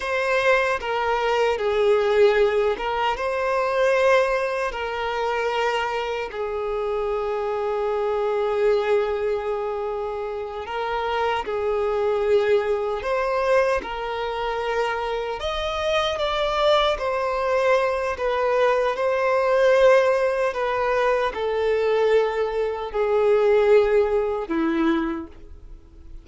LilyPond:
\new Staff \with { instrumentName = "violin" } { \time 4/4 \tempo 4 = 76 c''4 ais'4 gis'4. ais'8 | c''2 ais'2 | gis'1~ | gis'4. ais'4 gis'4.~ |
gis'8 c''4 ais'2 dis''8~ | dis''8 d''4 c''4. b'4 | c''2 b'4 a'4~ | a'4 gis'2 e'4 | }